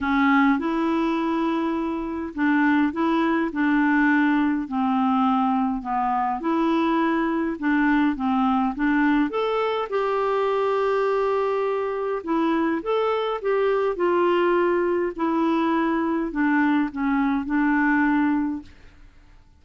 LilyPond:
\new Staff \with { instrumentName = "clarinet" } { \time 4/4 \tempo 4 = 103 cis'4 e'2. | d'4 e'4 d'2 | c'2 b4 e'4~ | e'4 d'4 c'4 d'4 |
a'4 g'2.~ | g'4 e'4 a'4 g'4 | f'2 e'2 | d'4 cis'4 d'2 | }